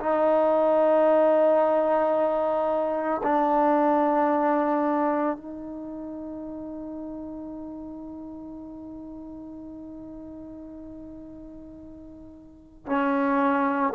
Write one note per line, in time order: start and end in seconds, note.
0.00 3.21 D#4
3.23 5.37 D4
5.37 12.86 D#4
12.86 13.93 C#4